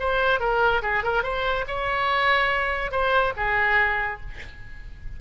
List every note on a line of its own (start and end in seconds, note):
0.00 0.40 C5
0.40 0.82 A#4
0.83 1.04 G#4
1.04 1.23 A#4
1.23 1.65 C5
1.68 2.92 C#5
2.92 3.34 C5
3.37 4.21 G#4